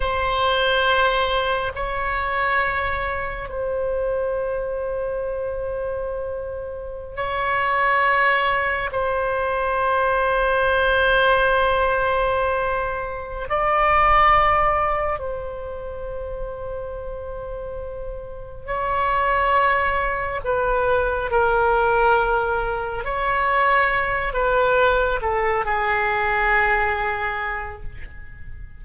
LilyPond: \new Staff \with { instrumentName = "oboe" } { \time 4/4 \tempo 4 = 69 c''2 cis''2 | c''1~ | c''16 cis''2 c''4.~ c''16~ | c''2.~ c''8 d''8~ |
d''4. c''2~ c''8~ | c''4. cis''2 b'8~ | b'8 ais'2 cis''4. | b'4 a'8 gis'2~ gis'8 | }